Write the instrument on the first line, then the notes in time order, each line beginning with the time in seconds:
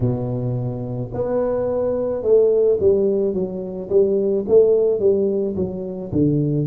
tuba
0.00 B2
1.13 B3
2.22 A3
2.80 G3
3.33 F#3
3.89 G3
4.47 A3
4.99 G3
5.56 F#3
6.12 D3